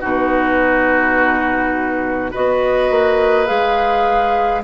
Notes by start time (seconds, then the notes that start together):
0.00 B2 D#4 F#4 B4
2.31 B3 F#4 B4 D#5
2.90 A#3
3.46 G#3 G#4 F5